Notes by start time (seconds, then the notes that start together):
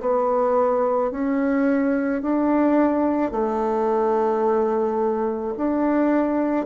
0.00 B3
1.11 C#4
2.22 D4
3.31 A3
5.57 D4